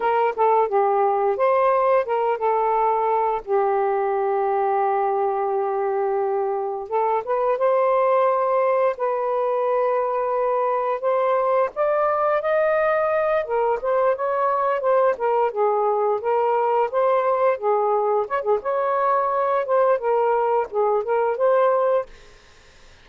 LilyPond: \new Staff \with { instrumentName = "saxophone" } { \time 4/4 \tempo 4 = 87 ais'8 a'8 g'4 c''4 ais'8 a'8~ | a'4 g'2.~ | g'2 a'8 b'8 c''4~ | c''4 b'2. |
c''4 d''4 dis''4. ais'8 | c''8 cis''4 c''8 ais'8 gis'4 ais'8~ | ais'8 c''4 gis'4 cis''16 gis'16 cis''4~ | cis''8 c''8 ais'4 gis'8 ais'8 c''4 | }